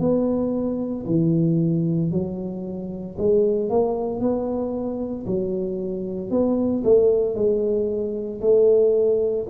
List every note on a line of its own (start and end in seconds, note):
0.00 1.05 B3
1.06 2.11 E3
2.11 3.17 F#3
3.19 3.70 G#3
3.70 4.21 A#3
4.21 5.26 B3
5.27 6.31 F#3
6.31 6.83 B3
6.84 7.35 A3
7.35 8.41 G#3
8.41 9.46 A3